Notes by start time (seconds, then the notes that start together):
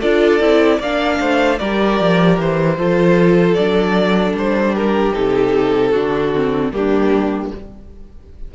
0.00 D4 F4 A4 D5
0.39 C4 E4
0.78 A#3 D4 D5 F5
1.19 A3 C5
1.58 G3 G4 A#4 D5
2.00 F3
2.38 E3 C5
2.76 F3 F4 A4
3.54 F#3 D4 D5
4.32 G3 C5
4.73 G4 A#4
5.13 C3 D#4 A4
5.91 D3 D4 F#4
6.35 C4
6.72 G3 A#3 D4 G4